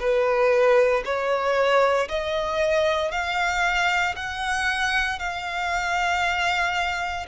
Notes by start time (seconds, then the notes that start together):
0.00 B4
1.05 C#5
2.09 D#5
3.12 F5
4.16 F#5
5.20 F5